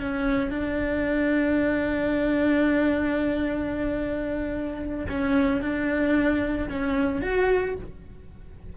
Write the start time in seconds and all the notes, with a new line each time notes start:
0.00 C#4
0.51 D4
5.09 C#4
5.62 D4
6.69 C#4
7.22 F#4